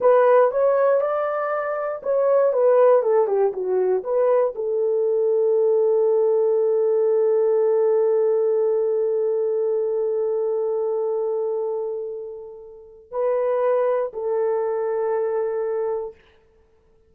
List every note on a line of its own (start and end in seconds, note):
0.00 0.51 B4
0.51 1.00 C#5
1.00 2.01 D5
2.02 2.52 C#5
2.52 3.02 B4
3.02 3.27 A4
3.27 3.52 G4
3.52 4.03 F#4
4.03 4.54 B4
4.55 13.11 A4
13.11 14.12 B4
14.13 16.14 A4